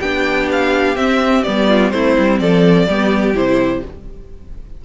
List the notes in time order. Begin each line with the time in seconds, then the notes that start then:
0.00 B3 D4 G4 G5
0.52 F5
0.96 C4 E5
1.44 G3 B3 D5
1.68 F4
1.91 A3 C4 E4 C5
2.19 G3
2.40 F3 A4 D5
2.88 G3 B3 G4
3.35 C3 E4 C5